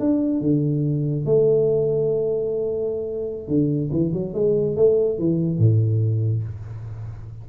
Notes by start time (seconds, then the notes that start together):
0.00 D4
0.41 D3
1.26 A3
3.48 D3
3.92 E3
4.13 F#3
4.34 G#3
4.77 A3
5.19 E3
5.59 A2